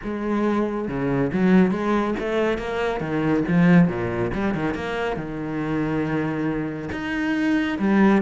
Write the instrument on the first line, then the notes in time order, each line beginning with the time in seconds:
cello
0.03 G#3
0.88 C#3
1.32 F#3
1.71 G#3
2.19 A3
2.57 A#3
3.00 D#3
3.48 F3
3.88 A#2
4.33 G3
4.54 D#3
4.74 A#3
5.16 D#3
6.92 D#4
7.79 G3